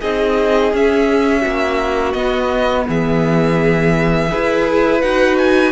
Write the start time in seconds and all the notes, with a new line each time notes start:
0.00 C4 D#4 G#4 D#5
0.73 C#4 E5
1.41 A#3 F#4
2.12 B3 D#5
2.88 E3 G#4 E5
4.28 E4 G#4 B4
5.00 D#4 F#4 F#5
5.37 G#5